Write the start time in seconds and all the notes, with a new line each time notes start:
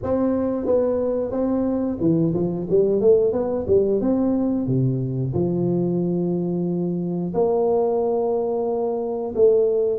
0.02 C4
0.65 B3
1.31 C4
2.00 E3
2.34 F3
2.69 G3
3.00 A3
3.32 B3
3.67 G3
4.00 C4
4.66 C3
5.33 F3
7.33 A#3
9.35 A3